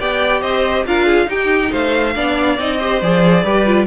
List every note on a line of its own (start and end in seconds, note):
0.00 0.43 B3
0.00 0.87 G4
0.00 0.42 D5
0.00 0.42 G5
0.42 0.86 C4
0.42 0.85 C5
0.42 0.85 D#5
0.86 1.27 D4
0.86 1.28 F4
0.86 1.06 A#4
0.86 1.30 F5
1.06 1.28 G#4
1.27 1.71 D#4
1.27 2.14 D#4
1.27 1.72 G4
1.27 1.73 G5
1.72 2.16 A3
1.72 2.15 C5
1.72 2.59 F5
2.15 2.59 B3
2.15 2.58 D4
2.15 2.79 D5
2.59 3.02 C4
2.59 2.81 D#4
2.59 3.02 D#5
2.79 3.02 G4
2.79 3.44 C5
3.02 3.44 F3
3.02 3.46 G#4
3.02 3.87 D5
3.44 3.87 G3
3.44 3.66 G4
3.44 3.87 B4
3.66 3.87 F4